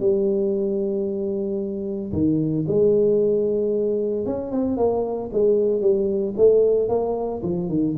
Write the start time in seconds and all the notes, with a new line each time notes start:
0.00 G3
2.13 D#3
2.68 G#3
4.26 C#4
4.52 C4
4.77 A#3
5.33 G#3
5.81 G3
6.37 A3
6.89 A#3
7.43 F3
7.69 D#3